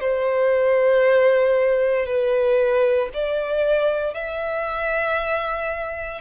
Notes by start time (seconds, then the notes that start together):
0.00 C5
2.05 B4
3.13 D5
4.14 E5